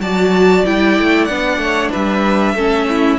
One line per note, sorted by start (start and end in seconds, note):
0.00 0.64 F#3
0.00 0.66 F#4
0.00 1.62 D5
0.00 0.66 A5
0.66 0.99 G3
0.66 1.30 E4
0.66 1.25 G5
0.99 1.29 A3
1.25 1.58 B3
1.25 2.57 D4
1.25 1.89 F#5
1.58 1.90 A3
1.58 1.91 C#5
1.91 2.54 G3
1.91 2.55 B4
1.91 3.19 E5
2.54 3.18 A3
2.54 3.19 C#4
2.54 2.87 A4
2.89 3.19 E4